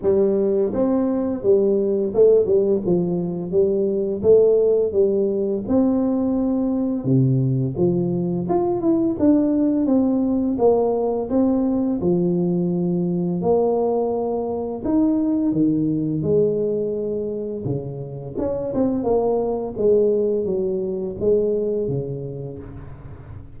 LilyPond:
\new Staff \with { instrumentName = "tuba" } { \time 4/4 \tempo 4 = 85 g4 c'4 g4 a8 g8 | f4 g4 a4 g4 | c'2 c4 f4 | f'8 e'8 d'4 c'4 ais4 |
c'4 f2 ais4~ | ais4 dis'4 dis4 gis4~ | gis4 cis4 cis'8 c'8 ais4 | gis4 fis4 gis4 cis4 | }